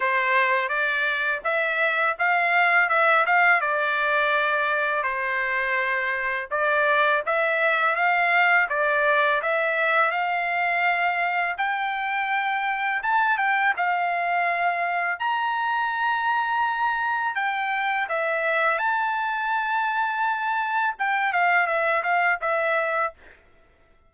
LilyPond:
\new Staff \with { instrumentName = "trumpet" } { \time 4/4 \tempo 4 = 83 c''4 d''4 e''4 f''4 | e''8 f''8 d''2 c''4~ | c''4 d''4 e''4 f''4 | d''4 e''4 f''2 |
g''2 a''8 g''8 f''4~ | f''4 ais''2. | g''4 e''4 a''2~ | a''4 g''8 f''8 e''8 f''8 e''4 | }